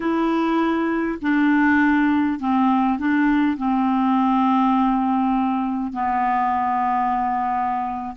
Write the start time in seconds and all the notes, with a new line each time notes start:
0.00 E4
1.21 D4
2.39 C4
2.99 D4
3.57 C4
5.92 B3